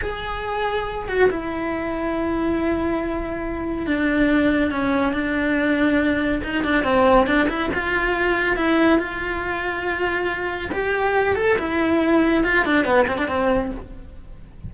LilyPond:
\new Staff \with { instrumentName = "cello" } { \time 4/4 \tempo 4 = 140 gis'2~ gis'8 fis'8 e'4~ | e'1~ | e'4 d'2 cis'4 | d'2. dis'8 d'8 |
c'4 d'8 e'8 f'2 | e'4 f'2.~ | f'4 g'4. a'8 e'4~ | e'4 f'8 d'8 b8 c'16 d'16 c'4 | }